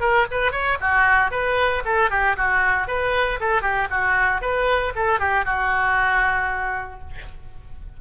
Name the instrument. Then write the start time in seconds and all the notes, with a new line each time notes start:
oboe
0.00 A#4
0.31 B4
0.52 C#5
0.80 F#4
1.31 B4
1.85 A4
2.10 G4
2.37 F#4
2.87 B4
3.40 A4
3.62 G4
3.90 F#4
4.41 B4
4.95 A4
5.19 G4
5.45 F#4